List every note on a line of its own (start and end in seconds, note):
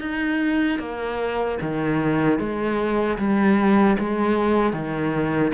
0.00 0.79 D#4
0.79 1.58 A#3
1.61 2.39 D#3
2.39 3.18 G#3
3.18 3.97 G3
3.99 4.73 G#3
4.73 5.52 D#3